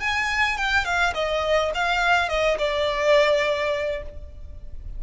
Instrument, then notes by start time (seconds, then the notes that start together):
violin
0.00 G#5
0.57 G5
0.84 F5
1.14 D#5
1.74 F5
2.28 D#5
2.58 D5